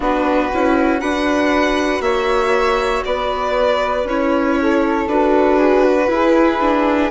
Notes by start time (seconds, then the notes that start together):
0.00 B3 D4 F#4 B4
0.53 C#4 E4
1.00 D4 F#4 B4 F#5
2.00 A#3 C#5 E5
3.04 B3 B4 D5
4.04 C#4 E4 C#5
4.61 A4
5.06 D4 F#4 B4
5.58 G#4
5.83 F#4
6.07 E4 G#4
6.61 D4